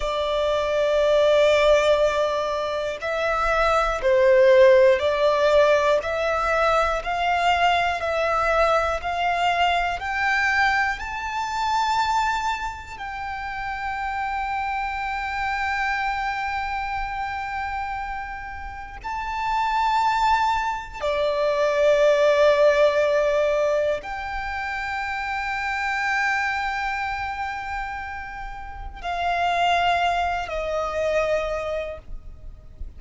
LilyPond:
\new Staff \with { instrumentName = "violin" } { \time 4/4 \tempo 4 = 60 d''2. e''4 | c''4 d''4 e''4 f''4 | e''4 f''4 g''4 a''4~ | a''4 g''2.~ |
g''2. a''4~ | a''4 d''2. | g''1~ | g''4 f''4. dis''4. | }